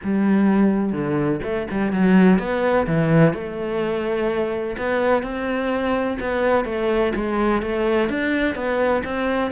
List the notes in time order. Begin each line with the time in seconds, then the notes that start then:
0.03 G3
0.92 D3
1.43 A3
1.71 G3
1.92 F#3
2.38 B3
2.87 E3
3.33 A3
4.77 B3
5.23 C4
6.19 B3
6.65 A3
7.15 G#3
7.62 A3
8.09 D4
8.55 B3
9.04 C4